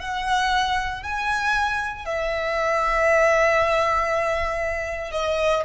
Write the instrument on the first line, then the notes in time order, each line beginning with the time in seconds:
violin
0.00 F#5
1.03 G#5
2.06 E5
5.12 D#5